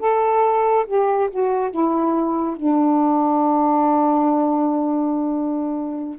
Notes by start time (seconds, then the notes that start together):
0.00 A4
0.87 G4
1.31 F#4
1.71 E4
2.57 D4